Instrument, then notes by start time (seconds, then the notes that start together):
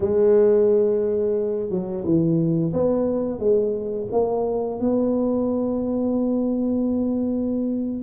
tuba
0.00 G#3
1.69 F#3
2.04 E3
2.73 B3
3.39 G#3
4.11 A#3
4.79 B3